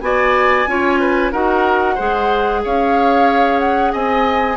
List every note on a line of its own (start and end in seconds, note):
0.00 0.66 B3
0.00 0.66 F#4
0.00 0.69 D5
0.00 1.30 G#5
0.67 1.32 C#4
0.67 1.32 F4
0.67 1.00 C#5
1.00 1.32 B4
1.32 1.97 D#4
1.32 1.97 F#4
1.32 1.95 A#4
1.32 2.62 F#5
1.95 2.65 G#3
1.95 4.57 G#4
1.95 2.60 C5
2.64 3.93 C#4
2.64 3.92 C#5
2.64 3.59 F5
3.59 3.92 F#5
3.92 4.57 C4
3.92 4.57 D#5
3.92 4.57 G#5